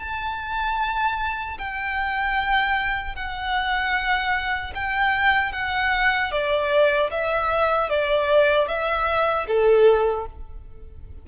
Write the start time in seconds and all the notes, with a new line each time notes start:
0.00 A5
1.59 G5
3.15 F#5
4.75 G5
5.53 F#5
6.32 D5
7.11 E5
7.89 D5
8.68 E5
9.47 A4